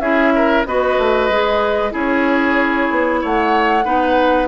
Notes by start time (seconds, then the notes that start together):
0.00 C#4 E4 G#4 E5
0.35 A#4
0.66 B3 F#4 B4 D#5
0.98 A3
1.29 G#3 G#4
1.91 C#4 E4 G#4 C#5
2.91 B3
3.21 A3 C#5 F#5
3.85 B3 D#4 B4